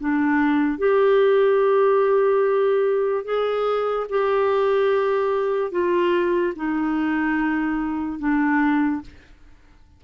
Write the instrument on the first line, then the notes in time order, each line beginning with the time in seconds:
clarinet
0.00 D4
0.78 G4
3.25 G#4
4.10 G4
5.72 F4
6.56 D#4
8.20 D4